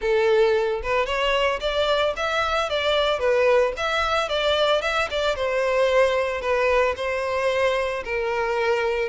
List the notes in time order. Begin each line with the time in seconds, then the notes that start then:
0.01 A4
0.82 B4
1.06 C#5
1.60 D5
2.16 E5
2.69 D5
3.19 B4
3.76 E5
4.29 D5
4.81 E5
5.10 D5
5.35 C5
6.41 B4
6.96 C5
8.04 A#4